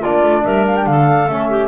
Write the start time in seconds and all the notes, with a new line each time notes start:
0.00 A#3 D4 F4 D5
0.23 A3
0.44 G3 A#4 E5
0.67 F5
0.76 G5
0.86 D3 A4 F5
1.28 A3 C#4 E5
1.50 G4